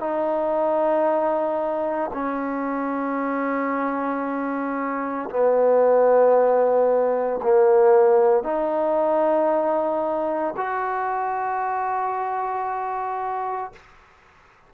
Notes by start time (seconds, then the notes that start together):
0.00 D#4
2.13 C#4
5.30 B3
7.43 A#3
8.44 D#4
10.56 F#4